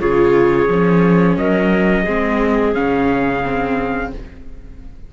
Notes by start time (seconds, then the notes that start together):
0.00 C#3 F4 G#4 C#5
0.69 F3 C#4
1.37 F#3 A#4 D#5
2.04 G#3 C4 G#4
2.75 C#3 C#4 F5
3.45 C4